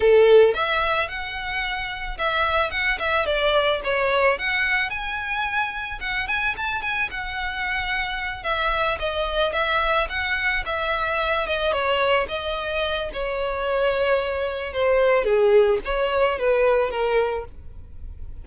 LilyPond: \new Staff \with { instrumentName = "violin" } { \time 4/4 \tempo 4 = 110 a'4 e''4 fis''2 | e''4 fis''8 e''8 d''4 cis''4 | fis''4 gis''2 fis''8 gis''8 | a''8 gis''8 fis''2~ fis''8 e''8~ |
e''8 dis''4 e''4 fis''4 e''8~ | e''4 dis''8 cis''4 dis''4. | cis''2. c''4 | gis'4 cis''4 b'4 ais'4 | }